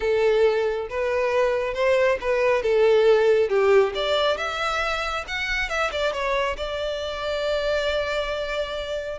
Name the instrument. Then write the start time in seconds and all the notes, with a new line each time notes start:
violin
0.00 A4
0.89 B4
1.74 C5
2.20 B4
2.62 A4
3.49 G4
3.94 D5
4.37 E5
5.27 F#5
5.69 E5
5.91 D5
6.12 C#5
6.56 D5